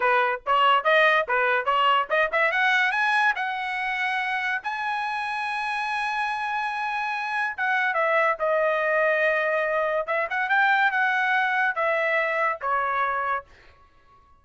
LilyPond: \new Staff \with { instrumentName = "trumpet" } { \time 4/4 \tempo 4 = 143 b'4 cis''4 dis''4 b'4 | cis''4 dis''8 e''8 fis''4 gis''4 | fis''2. gis''4~ | gis''1~ |
gis''2 fis''4 e''4 | dis''1 | e''8 fis''8 g''4 fis''2 | e''2 cis''2 | }